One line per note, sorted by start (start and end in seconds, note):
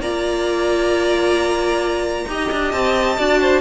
0.00 2.26 A#3
0.00 2.28 F4
0.00 2.27 D5
0.00 2.72 A#5
2.28 2.50 D#4
2.28 3.18 G4
2.28 3.18 D#5
2.52 2.73 D4
2.72 3.18 C4
2.72 3.61 A5
3.18 3.61 D4
3.18 3.61 F#4
3.18 3.41 D5
3.41 3.61 C5